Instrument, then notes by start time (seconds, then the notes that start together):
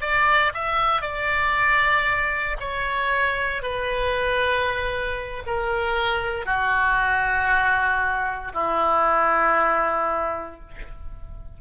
oboe
0.00 D5
0.54 E5
1.01 D5
2.60 C#5
3.62 B4
5.46 A#4
6.45 F#4
8.53 E4